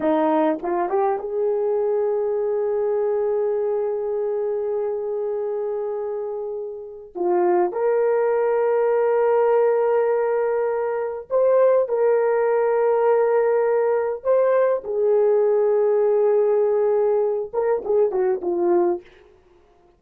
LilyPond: \new Staff \with { instrumentName = "horn" } { \time 4/4 \tempo 4 = 101 dis'4 f'8 g'8 gis'2~ | gis'1~ | gis'1 | f'4 ais'2.~ |
ais'2. c''4 | ais'1 | c''4 gis'2.~ | gis'4. ais'8 gis'8 fis'8 f'4 | }